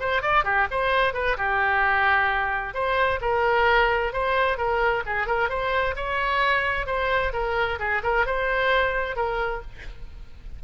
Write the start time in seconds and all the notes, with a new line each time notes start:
0.00 C5
0.22 D5
0.44 G4
0.71 C5
1.13 B4
1.37 G4
2.74 C5
3.21 A#4
4.13 C5
4.57 A#4
5.06 G#4
5.27 A#4
5.49 C5
5.96 C#5
6.86 C5
7.33 A#4
7.79 G#4
8.03 A#4
8.26 C5
9.16 A#4